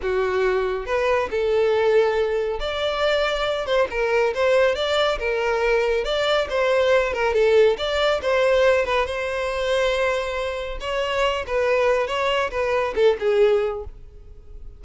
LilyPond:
\new Staff \with { instrumentName = "violin" } { \time 4/4 \tempo 4 = 139 fis'2 b'4 a'4~ | a'2 d''2~ | d''8 c''8 ais'4 c''4 d''4 | ais'2 d''4 c''4~ |
c''8 ais'8 a'4 d''4 c''4~ | c''8 b'8 c''2.~ | c''4 cis''4. b'4. | cis''4 b'4 a'8 gis'4. | }